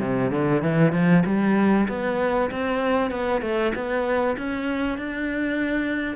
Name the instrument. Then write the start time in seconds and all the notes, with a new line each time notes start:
cello
0.00 C3
0.31 D3
0.62 E3
0.92 F3
1.25 G3
1.88 B3
2.51 C4
3.11 B3
3.42 A3
3.75 B3
4.37 C#4
4.98 D4